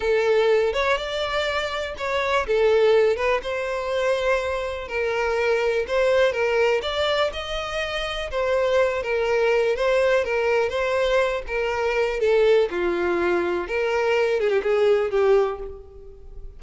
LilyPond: \new Staff \with { instrumentName = "violin" } { \time 4/4 \tempo 4 = 123 a'4. cis''8 d''2 | cis''4 a'4. b'8 c''4~ | c''2 ais'2 | c''4 ais'4 d''4 dis''4~ |
dis''4 c''4. ais'4. | c''4 ais'4 c''4. ais'8~ | ais'4 a'4 f'2 | ais'4. gis'16 g'16 gis'4 g'4 | }